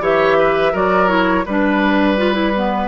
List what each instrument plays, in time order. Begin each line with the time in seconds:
0.00 bassoon E3, clarinet G4, oboe C#5, flute E5
0.39 oboe B4
0.72 bassoon F#3, clarinet F#4, oboe A#4, flute D5
1.07 clarinet E4, flute C#5
1.45 bassoon G3, clarinet D4, flute B4, oboe B4
2.18 clarinet F4
2.33 clarinet E4
2.56 clarinet B3